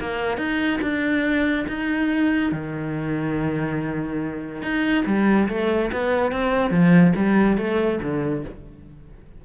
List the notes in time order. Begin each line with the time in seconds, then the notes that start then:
0.00 A#3
0.37 D#4
0.81 D4
1.68 D#4
2.52 D#3
4.62 D#4
5.06 G3
5.49 A3
5.92 B3
6.32 C4
6.71 F3
7.16 G3
7.57 A3
8.02 D3